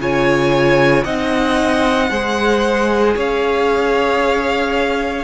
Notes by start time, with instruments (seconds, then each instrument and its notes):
0.00 cello C#3, viola F4, violin C#5 G#5
1.04 cello C4, viola D#4, violin D#5 F#5
2.10 cello G#3, viola G#4, violin C5
3.16 cello C#4, violin C#5 F5